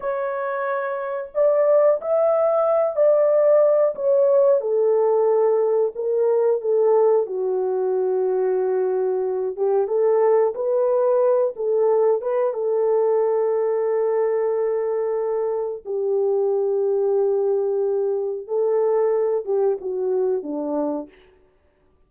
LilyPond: \new Staff \with { instrumentName = "horn" } { \time 4/4 \tempo 4 = 91 cis''2 d''4 e''4~ | e''8 d''4. cis''4 a'4~ | a'4 ais'4 a'4 fis'4~ | fis'2~ fis'8 g'8 a'4 |
b'4. a'4 b'8 a'4~ | a'1 | g'1 | a'4. g'8 fis'4 d'4 | }